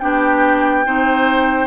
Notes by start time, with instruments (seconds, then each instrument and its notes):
0.00 bassoon B3, clarinet D4, oboe G4, flute G5
0.86 bassoon C4, clarinet D#4, oboe C5